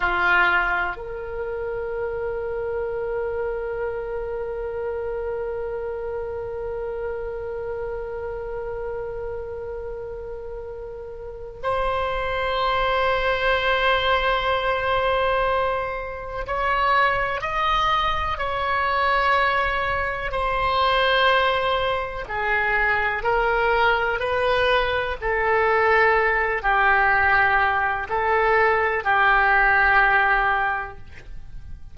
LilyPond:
\new Staff \with { instrumentName = "oboe" } { \time 4/4 \tempo 4 = 62 f'4 ais'2.~ | ais'1~ | ais'1 | c''1~ |
c''4 cis''4 dis''4 cis''4~ | cis''4 c''2 gis'4 | ais'4 b'4 a'4. g'8~ | g'4 a'4 g'2 | }